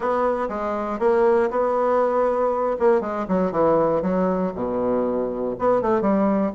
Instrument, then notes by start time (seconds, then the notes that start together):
bassoon
0.00 B3
0.48 G#3
0.99 A#3
1.50 B3
2.79 A#3
3.00 G#3
3.28 F#3
3.51 E3
4.02 F#3
4.54 B2
5.59 B3
5.81 A3
6.01 G3